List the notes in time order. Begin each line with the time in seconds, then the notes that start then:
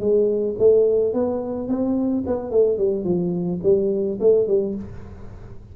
0.00 G#3
0.59 A3
1.13 B3
1.68 C4
2.27 B3
2.51 A3
2.78 G3
3.04 F3
3.63 G3
4.20 A3
4.47 G3